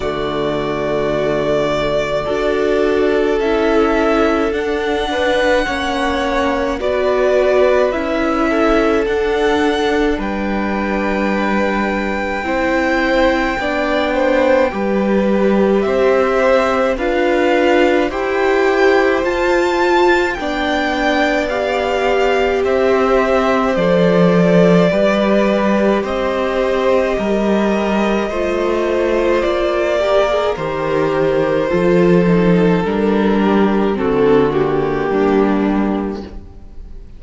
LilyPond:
<<
  \new Staff \with { instrumentName = "violin" } { \time 4/4 \tempo 4 = 53 d''2. e''4 | fis''2 d''4 e''4 | fis''4 g''2.~ | g''2 e''4 f''4 |
g''4 a''4 g''4 f''4 | e''4 d''2 dis''4~ | dis''2 d''4 c''4~ | c''4 ais'4 a'8 g'4. | }
  \new Staff \with { instrumentName = "violin" } { \time 4/4 fis'2 a'2~ | a'8 b'8 cis''4 b'4. a'8~ | a'4 b'2 c''4 | d''8 c''8 b'4 c''4 b'4 |
c''2 d''2 | c''2 b'4 c''4 | ais'4 c''4. ais'4. | a'4. g'8 fis'4 d'4 | }
  \new Staff \with { instrumentName = "viola" } { \time 4/4 a2 fis'4 e'4 | d'4 cis'4 fis'4 e'4 | d'2. e'4 | d'4 g'2 f'4 |
g'4 f'4 d'4 g'4~ | g'4 a'4 g'2~ | g'4 f'4. g'16 gis'16 g'4 | f'8 dis'8 d'4 c'8 ais4. | }
  \new Staff \with { instrumentName = "cello" } { \time 4/4 d2 d'4 cis'4 | d'4 ais4 b4 cis'4 | d'4 g2 c'4 | b4 g4 c'4 d'4 |
e'4 f'4 b2 | c'4 f4 g4 c'4 | g4 a4 ais4 dis4 | f4 g4 d4 g4 | }
>>